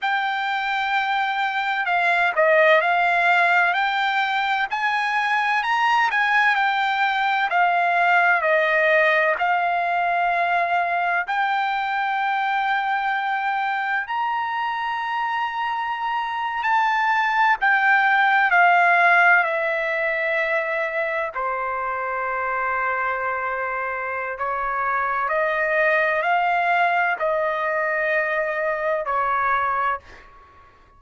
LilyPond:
\new Staff \with { instrumentName = "trumpet" } { \time 4/4 \tempo 4 = 64 g''2 f''8 dis''8 f''4 | g''4 gis''4 ais''8 gis''8 g''4 | f''4 dis''4 f''2 | g''2. ais''4~ |
ais''4.~ ais''16 a''4 g''4 f''16~ | f''8. e''2 c''4~ c''16~ | c''2 cis''4 dis''4 | f''4 dis''2 cis''4 | }